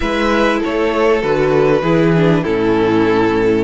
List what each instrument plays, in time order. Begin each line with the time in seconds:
0.00 cello G#3, viola E4, violin B4 E5
0.59 violin A4 C#5
0.66 cello A3
1.22 cello D3, viola F#4, violin B4
1.82 cello E3, viola E4, violin G#4
2.15 viola D4
2.43 cello A2, viola C#4, violin E4 A4